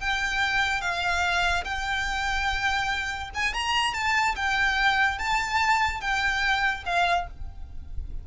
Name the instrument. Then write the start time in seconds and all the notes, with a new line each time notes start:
violin
0.00 G5
0.81 F5
1.64 G5
3.34 G#5
3.53 A#5
3.93 A5
4.35 G5
5.18 A5
6.01 G5
6.86 F5